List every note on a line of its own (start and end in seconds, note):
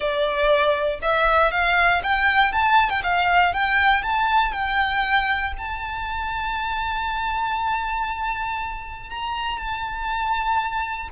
0.00 0.99 D5
1.02 1.51 E5
1.51 2.01 F5
2.03 2.52 G5
2.52 2.89 A5
2.89 3.02 G5
3.03 3.53 F5
3.53 4.02 G5
4.02 4.52 A5
4.52 5.53 G5
5.58 9.10 A5
9.10 9.57 A#5
9.57 11.08 A5